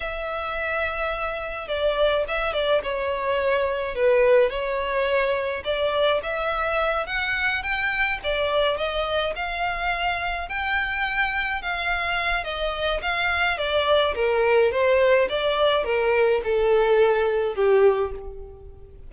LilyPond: \new Staff \with { instrumentName = "violin" } { \time 4/4 \tempo 4 = 106 e''2. d''4 | e''8 d''8 cis''2 b'4 | cis''2 d''4 e''4~ | e''8 fis''4 g''4 d''4 dis''8~ |
dis''8 f''2 g''4.~ | g''8 f''4. dis''4 f''4 | d''4 ais'4 c''4 d''4 | ais'4 a'2 g'4 | }